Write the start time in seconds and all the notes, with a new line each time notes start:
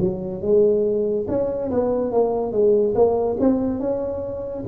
0.00 F#3
0.41 G#3
1.28 C#4
1.71 B3
2.12 A#3
2.52 G#3
2.95 A#3
3.40 C4
3.80 C#4